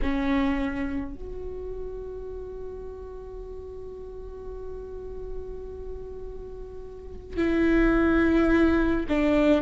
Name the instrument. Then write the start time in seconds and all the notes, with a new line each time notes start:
viola
0.02 C#4
1.14 F#4
7.36 E4
9.08 D4